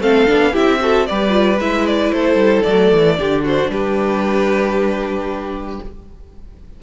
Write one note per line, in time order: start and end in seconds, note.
0.00 0.26 A3
0.00 0.27 C4
0.00 0.53 A4
0.00 0.55 F5
0.27 0.56 B3
0.27 0.53 D4
0.53 1.10 C4
0.53 0.79 E4
0.53 0.79 G4
0.53 1.07 E5
0.80 1.06 F#4
0.80 1.08 A4
1.07 1.59 G3
1.07 1.30 G4
1.07 2.15 B4
1.07 1.59 D5
1.30 1.56 F4
1.59 2.12 G#3
1.59 2.65 E4
1.59 1.86 E5
1.86 2.12 D5
2.12 2.35 A3
2.12 3.19 A4
2.12 2.62 C5
2.35 2.61 G3
2.62 2.92 F#3
2.62 3.17 A3
2.62 3.41 D5
2.93 3.19 E3
3.17 3.69 D3
3.17 5.80 D4
3.17 3.45 G4
3.45 3.71 F#4
3.45 3.71 C5
3.69 5.79 G3
3.69 5.83 G4
3.69 5.81 B4